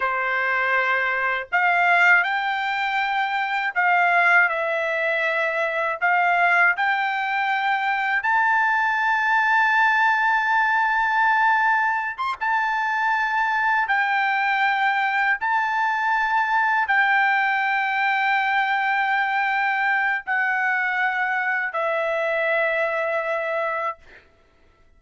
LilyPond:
\new Staff \with { instrumentName = "trumpet" } { \time 4/4 \tempo 4 = 80 c''2 f''4 g''4~ | g''4 f''4 e''2 | f''4 g''2 a''4~ | a''1~ |
a''16 c'''16 a''2 g''4.~ | g''8 a''2 g''4.~ | g''2. fis''4~ | fis''4 e''2. | }